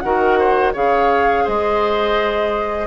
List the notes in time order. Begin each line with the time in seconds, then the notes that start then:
0.00 D#3 F#4 A#4 F#5
0.39 C5
0.73 C#3 G#4 C#5 F5
1.44 G#3 C5 D#5